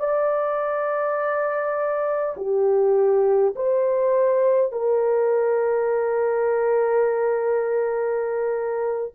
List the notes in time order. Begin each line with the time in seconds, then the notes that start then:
0.00 D5
2.37 G4
3.56 C5
4.73 A#4